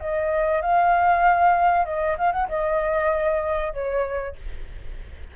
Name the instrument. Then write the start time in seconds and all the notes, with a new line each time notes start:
flute
0.00 D#5
0.62 F5
1.86 D#5
2.18 F5
2.32 F#5
2.49 D#5
3.73 C#5